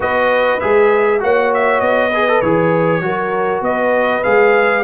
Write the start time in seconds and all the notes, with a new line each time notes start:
0.00 B3 F#4 B4 D#5
0.60 G#3 G#4 E5
1.19 A#3 F#4 C#5 F#5
1.54 E5
1.80 B3 D#5
2.10 G#4 B4
2.28 A4
2.41 E3 G#4 C#5
3.01 F#3 F#4 A#4
3.61 B3 B4 D#5
4.23 G#3 G#4 F5